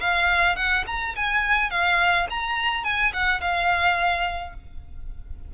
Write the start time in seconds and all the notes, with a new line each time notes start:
0.00 F5
0.56 F#5
0.87 A#5
1.15 G#5
1.70 F5
2.30 A#5
2.84 G#5
3.13 F#5
3.41 F5